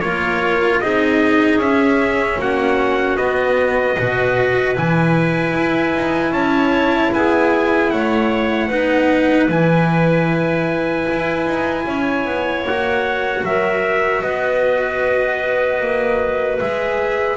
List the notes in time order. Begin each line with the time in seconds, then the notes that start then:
0.00 A#3 F4 A#4 C#5
0.80 C4 D#4 G#4 D#5
1.57 C#4 E5
2.38 A#3 F#4 F#5
3.17 B3 D#5
3.97 B2 F#4 B4
4.75 E3 E4 G#5
5.54 E4
5.94 D#4
6.31 C#4 C#5 A5
7.13 B3 G#4 G#5
7.90 A3 C#5 F#5
8.68 B3 D#4 B4
9.48 E3 E4 G#5
11.11 E4
11.45 D#4
11.86 C#4 C#5
12.25 B3
12.63 A#3 F#5
12.69 F#4
13.43 F#3 A#4 E5
14.21 B3 B4 D#5
15.80 A#3
16.60 G#3 G#4 E5